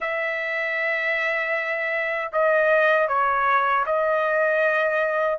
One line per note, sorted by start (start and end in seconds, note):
0.00 2.31 E5
2.32 3.08 D#5
3.08 3.85 C#5
3.86 5.39 D#5